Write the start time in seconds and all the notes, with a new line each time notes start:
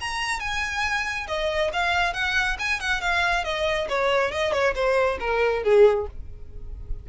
0.00 A#5
0.40 G#5
1.27 D#5
1.73 F5
2.13 F#5
2.59 G#5
2.80 F#5
3.01 F5
3.44 D#5
3.89 C#5
4.31 D#5
4.52 C#5
4.75 C5
5.20 A#4
5.63 G#4